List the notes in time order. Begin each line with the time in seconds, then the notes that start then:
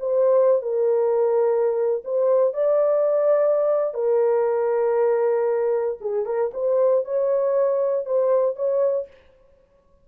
0.00 C5
0.62 A#4
2.05 C5
2.54 D5
3.94 A#4
6.01 G#4
6.26 A#4
6.54 C5
7.05 C#5
8.06 C5
8.56 C#5